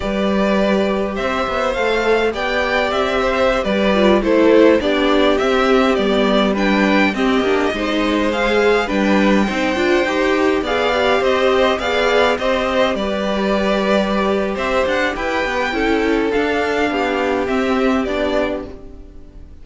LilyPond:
<<
  \new Staff \with { instrumentName = "violin" } { \time 4/4 \tempo 4 = 103 d''2 e''4 f''4 | g''4 e''4~ e''16 d''4 c''8.~ | c''16 d''4 e''4 d''4 g''8.~ | g''16 dis''2 f''4 g''8.~ |
g''2~ g''16 f''4 dis''8.~ | dis''16 f''4 dis''4 d''4.~ d''16~ | d''4 e''8 fis''8 g''2 | f''2 e''4 d''4 | }
  \new Staff \with { instrumentName = "violin" } { \time 4/4 b'2 c''2 | d''4. c''8. b'4 a'8.~ | a'16 g'2. b'8.~ | b'16 g'4 c''2 b'8.~ |
b'16 c''2 d''4 c''8.~ | c''16 d''4 c''4 b'4.~ b'16~ | b'4 c''4 b'4 a'4~ | a'4 g'2. | }
  \new Staff \with { instrumentName = "viola" } { \time 4/4 g'2. a'4 | g'2~ g'8. f'8 e'8.~ | e'16 d'4 c'4 b4 d'8.~ | d'16 c'8 d'8 dis'4 gis'4 d'8.~ |
d'16 dis'8 f'8 g'4 gis'8 g'4~ g'16~ | g'16 gis'4 g'2~ g'8.~ | g'2. e'4 | d'2 c'4 d'4 | }
  \new Staff \with { instrumentName = "cello" } { \time 4/4 g2 c'8 b8 a4 | b4 c'4~ c'16 g4 a8.~ | a16 b4 c'4 g4.~ g16~ | g16 c'8 ais8 gis2 g8.~ |
g16 c'8 d'8 dis'4 b4 c'8.~ | c'16 b4 c'4 g4.~ g16~ | g4 c'8 d'8 e'8 b8 cis'4 | d'4 b4 c'4 b4 | }
>>